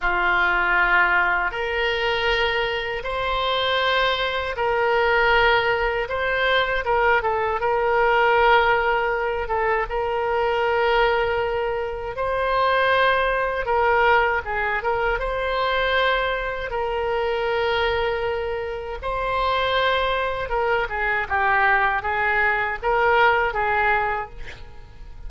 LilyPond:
\new Staff \with { instrumentName = "oboe" } { \time 4/4 \tempo 4 = 79 f'2 ais'2 | c''2 ais'2 | c''4 ais'8 a'8 ais'2~ | ais'8 a'8 ais'2. |
c''2 ais'4 gis'8 ais'8 | c''2 ais'2~ | ais'4 c''2 ais'8 gis'8 | g'4 gis'4 ais'4 gis'4 | }